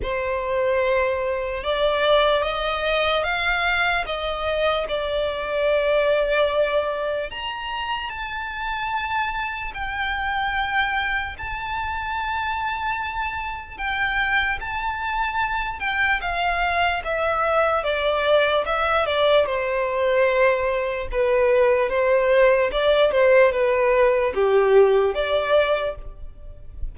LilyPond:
\new Staff \with { instrumentName = "violin" } { \time 4/4 \tempo 4 = 74 c''2 d''4 dis''4 | f''4 dis''4 d''2~ | d''4 ais''4 a''2 | g''2 a''2~ |
a''4 g''4 a''4. g''8 | f''4 e''4 d''4 e''8 d''8 | c''2 b'4 c''4 | d''8 c''8 b'4 g'4 d''4 | }